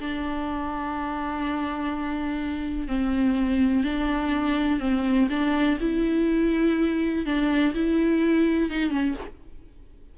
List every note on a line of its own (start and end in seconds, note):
0.00 2.88 D4
2.88 3.84 C4
3.84 4.80 D4
4.80 5.28 C4
5.30 5.79 D4
5.81 7.26 E4
7.26 7.75 D4
7.75 8.71 E4
8.71 8.91 D#4
8.91 9.15 C#4